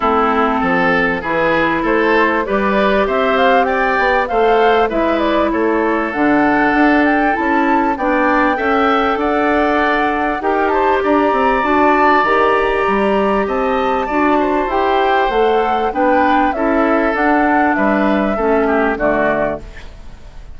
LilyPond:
<<
  \new Staff \with { instrumentName = "flute" } { \time 4/4 \tempo 4 = 98 a'2 b'4 c''4 | d''4 e''8 f''8 g''4 f''4 | e''8 d''8 cis''4 fis''4. g''8 | a''4 g''2 fis''4~ |
fis''4 g''8 a''8 ais''4 a''4 | ais''2 a''2 | g''4 fis''4 g''4 e''4 | fis''4 e''2 d''4 | }
  \new Staff \with { instrumentName = "oboe" } { \time 4/4 e'4 a'4 gis'4 a'4 | b'4 c''4 d''4 c''4 | b'4 a'2.~ | a'4 d''4 e''4 d''4~ |
d''4 ais'8 c''8 d''2~ | d''2 dis''4 d''8 c''8~ | c''2 b'4 a'4~ | a'4 b'4 a'8 g'8 fis'4 | }
  \new Staff \with { instrumentName = "clarinet" } { \time 4/4 c'2 e'2 | g'2. a'4 | e'2 d'2 | e'4 d'4 a'2~ |
a'4 g'2 fis'4 | g'2. fis'4 | g'4 a'4 d'4 e'4 | d'2 cis'4 a4 | }
  \new Staff \with { instrumentName = "bassoon" } { \time 4/4 a4 f4 e4 a4 | g4 c'4. b8 a4 | gis4 a4 d4 d'4 | cis'4 b4 cis'4 d'4~ |
d'4 dis'4 d'8 c'8 d'4 | dis4 g4 c'4 d'4 | e'4 a4 b4 cis'4 | d'4 g4 a4 d4 | }
>>